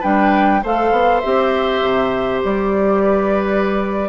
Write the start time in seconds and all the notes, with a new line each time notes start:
0.00 G3 D4 B4 G5
0.63 A3 A4 C5 F5
0.91 B3
1.20 C4 G4 E5
1.82 C3
2.44 G3 D5
3.03 B4